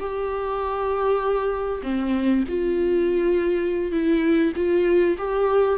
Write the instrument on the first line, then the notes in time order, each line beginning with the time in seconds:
viola
0.00 G4
1.83 C4
2.48 F4
3.92 E4
4.56 F4
5.18 G4